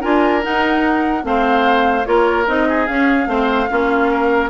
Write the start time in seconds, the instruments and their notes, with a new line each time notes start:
0.00 bassoon D4, clarinet F4, oboe A#4, flute G#5
0.42 clarinet D#4, bassoon D#4, flute F#5
1.22 bassoon A3, clarinet C4, oboe C5, flute F5
2.05 bassoon A#3, clarinet F4, oboe A#4, flute C#5
2.46 bassoon C4, clarinet D#4, flute D#5
2.68 oboe G#4
2.86 bassoon C#4, clarinet C#4, flute F5
3.26 bassoon A3, clarinet C4, oboe C5
3.69 bassoon A#3, clarinet C#4, oboe F4
4.11 oboe A#4